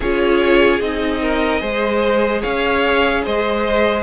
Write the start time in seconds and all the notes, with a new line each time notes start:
0.00 C#4 F4 G#4 C#5
0.80 C4 D#4 D#5
1.21 A#4
1.59 G#3 G#4 C5
2.41 C#4 C#5 F5
3.24 G#3 C5 D#5